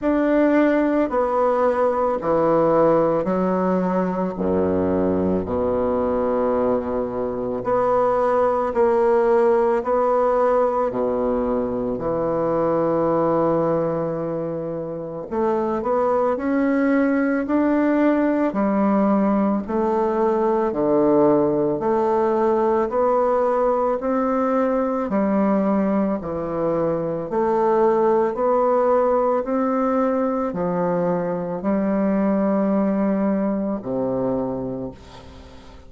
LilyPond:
\new Staff \with { instrumentName = "bassoon" } { \time 4/4 \tempo 4 = 55 d'4 b4 e4 fis4 | fis,4 b,2 b4 | ais4 b4 b,4 e4~ | e2 a8 b8 cis'4 |
d'4 g4 a4 d4 | a4 b4 c'4 g4 | e4 a4 b4 c'4 | f4 g2 c4 | }